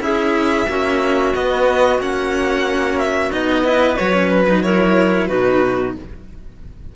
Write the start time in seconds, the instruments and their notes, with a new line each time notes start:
0.00 cello C#4 E4, clarinet G#4, violin E5
0.67 cello A#3 C#4, clarinet F#4
1.34 cello B3, violin D#5
1.99 cello A#3 C#4, violin F#5
2.99 violin E5
3.31 cello B3 D#4, violin D#5
3.64 cello E4, clarinet B4
3.97 cello F#3 F#4, violin C#5
4.13 cello C#4
4.30 violin B4
4.49 cello D#4
4.63 cello E4, clarinet A#4, violin C#5
5.28 cello B2 D#4, clarinet F#4, violin B4